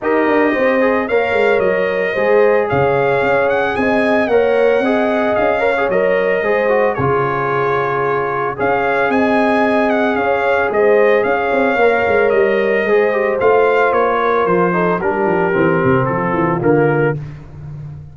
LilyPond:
<<
  \new Staff \with { instrumentName = "trumpet" } { \time 4/4 \tempo 4 = 112 dis''2 f''4 dis''4~ | dis''4 f''4. fis''8 gis''4 | fis''2 f''4 dis''4~ | dis''4 cis''2. |
f''4 gis''4. fis''8 f''4 | dis''4 f''2 dis''4~ | dis''4 f''4 cis''4 c''4 | ais'2 a'4 ais'4 | }
  \new Staff \with { instrumentName = "horn" } { \time 4/4 ais'4 c''4 cis''2 | c''4 cis''2 dis''4 | cis''4 dis''4. cis''4. | c''4 gis'2. |
cis''4 dis''2 cis''4 | c''4 cis''2. | c''2~ c''8 ais'4 a'8 | g'2 f'2 | }
  \new Staff \with { instrumentName = "trombone" } { \time 4/4 g'4. gis'8 ais'2 | gis'1 | ais'4 gis'4. ais'16 gis'16 ais'4 | gis'8 fis'8 f'2. |
gis'1~ | gis'2 ais'2 | gis'8 g'8 f'2~ f'8 dis'8 | d'4 c'2 ais4 | }
  \new Staff \with { instrumentName = "tuba" } { \time 4/4 dis'8 d'8 c'4 ais8 gis8 fis4 | gis4 cis4 cis'4 c'4 | ais4 c'4 cis'4 fis4 | gis4 cis2. |
cis'4 c'2 cis'4 | gis4 cis'8 c'8 ais8 gis8 g4 | gis4 a4 ais4 f4 | g8 f8 e8 c8 f8 e8 d4 | }
>>